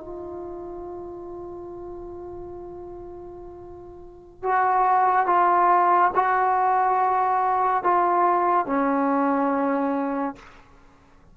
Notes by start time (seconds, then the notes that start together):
0.00 F4
4.43 F#4
5.26 F4
6.15 F#4
7.84 F4
8.66 C#4